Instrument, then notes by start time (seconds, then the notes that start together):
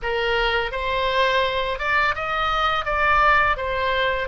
oboe
0.02 A#4
0.71 C5
1.79 D5
2.15 D#5
2.85 D5
3.56 C5